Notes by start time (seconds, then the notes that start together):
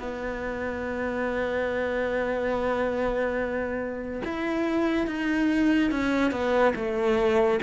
0.00 B3
4.25 E4
5.07 D#4
5.91 C#4
6.31 B3
6.76 A3